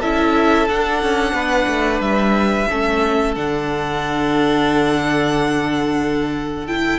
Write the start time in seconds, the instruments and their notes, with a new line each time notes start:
0.00 cello C#4, viola E4, violin A4 E5
0.69 viola D4, cello D4, violin F#5
1.03 cello C#4
1.33 cello B3, violin B4
1.67 cello A3
2.00 cello G3, violin E5
2.69 cello A3, viola C#4, violin A4
3.36 cello D3, viola D4, violin F#5
6.67 viola E4, violin G5